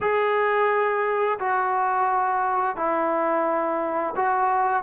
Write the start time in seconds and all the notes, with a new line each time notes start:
0.00 G#4
1.39 F#4
2.76 E4
4.15 F#4